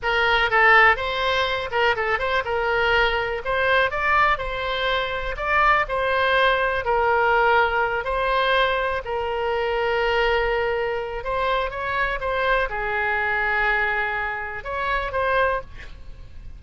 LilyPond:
\new Staff \with { instrumentName = "oboe" } { \time 4/4 \tempo 4 = 123 ais'4 a'4 c''4. ais'8 | a'8 c''8 ais'2 c''4 | d''4 c''2 d''4 | c''2 ais'2~ |
ais'8 c''2 ais'4.~ | ais'2. c''4 | cis''4 c''4 gis'2~ | gis'2 cis''4 c''4 | }